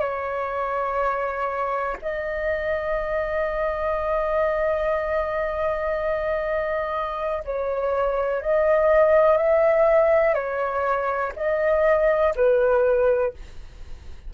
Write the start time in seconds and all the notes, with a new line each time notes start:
0.00 C#5
2.02 D#5
7.45 C#5
8.41 D#5
9.37 E5
10.34 C#5
11.36 D#5
12.35 B4